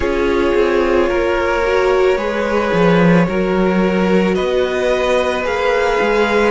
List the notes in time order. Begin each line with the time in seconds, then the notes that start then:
0.00 C#4 F4 G#4 C#5
0.54 C4
1.09 A#3 A#4
1.63 F#4
2.16 G#3 G#4 B4
2.72 F3
3.27 F#3 F#4 A#4
4.34 B3 B4 D#5
5.43 A#3 G#4 F5
6.01 G#3